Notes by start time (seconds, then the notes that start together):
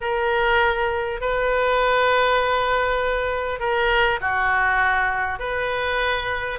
0.00 A#4
1.20 B4
3.59 A#4
4.20 F#4
5.39 B4